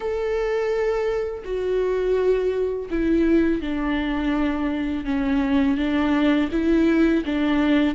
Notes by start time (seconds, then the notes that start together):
0.00 A4
1.44 F#4
2.90 E4
3.61 D4
5.04 C#4
5.77 D4
6.51 E4
7.25 D4